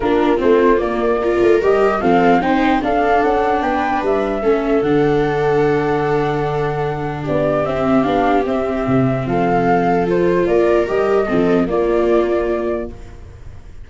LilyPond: <<
  \new Staff \with { instrumentName = "flute" } { \time 4/4 \tempo 4 = 149 ais'4 c''4 d''2 | dis''4 f''4 g''4 f''4 | fis''4 g''4 e''2 | fis''1~ |
fis''2 d''4 e''4 | f''4 e''2 f''4~ | f''4 c''4 d''4 dis''4~ | dis''4 d''2. | }
  \new Staff \with { instrumentName = "viola" } { \time 4/4 f'2. ais'4~ | ais'4 a'4 c''4 a'4~ | a'4 b'2 a'4~ | a'1~ |
a'2 g'2~ | g'2. a'4~ | a'2 ais'2 | a'4 f'2. | }
  \new Staff \with { instrumentName = "viola" } { \time 4/4 d'4 c'4 ais4 f'4 | g'4 c'4 dis'4 d'4~ | d'2. cis'4 | d'1~ |
d'2. c'4 | d'4 c'2.~ | c'4 f'2 g'4 | c'4 ais2. | }
  \new Staff \with { instrumentName = "tuba" } { \time 4/4 ais4 a4 ais4. a8 | g4 f4 c'4 d'4 | cis'4 b4 g4 a4 | d1~ |
d2 b4 c'4 | b4 c'4 c4 f4~ | f2 ais4 g4 | f4 ais2. | }
>>